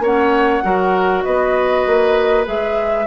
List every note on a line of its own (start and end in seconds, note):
0.00 0.61 A#3
0.00 0.64 C#4
0.00 0.64 C#5
0.00 1.24 F#5
0.64 1.25 F#3
0.64 2.45 F#4
0.64 1.25 A#4
1.24 1.87 B3
1.24 3.07 B4
1.24 2.45 D#5
1.87 2.47 A#3
2.45 3.07 G#3
2.45 3.06 G#4
2.45 3.07 E5